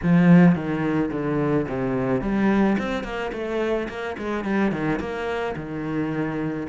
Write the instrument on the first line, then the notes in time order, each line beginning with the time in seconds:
cello
0.02 F3
0.55 D#3
1.11 D3
1.68 C3
2.21 G3
2.78 C4
3.03 A#3
3.32 A3
3.88 A#3
4.18 G#3
4.44 G3
4.71 D#3
4.99 A#3
5.56 D#3